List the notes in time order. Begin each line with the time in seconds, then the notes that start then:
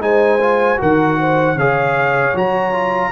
0.00 G#3 D#4 C5 G#5
0.41 F4
0.77 D#3 F#4 A#4 F#5
1.20 C5
1.56 C#3 G#4 C#5 F5
2.34 F#3 F#4 A#5
2.73 F4